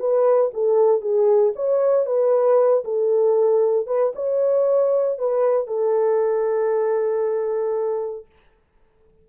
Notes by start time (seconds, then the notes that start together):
0.00 B4
0.54 A4
1.02 G#4
1.56 C#5
2.06 B4
2.84 A4
3.87 B4
4.15 C#5
5.19 B4
5.68 A4